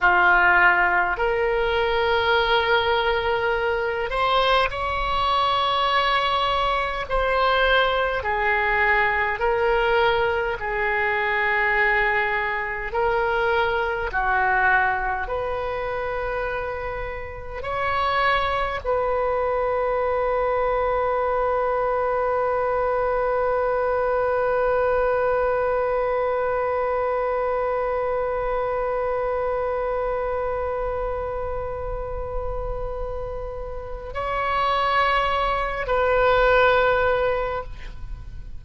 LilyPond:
\new Staff \with { instrumentName = "oboe" } { \time 4/4 \tempo 4 = 51 f'4 ais'2~ ais'8 c''8 | cis''2 c''4 gis'4 | ais'4 gis'2 ais'4 | fis'4 b'2 cis''4 |
b'1~ | b'1~ | b'1~ | b'4 cis''4. b'4. | }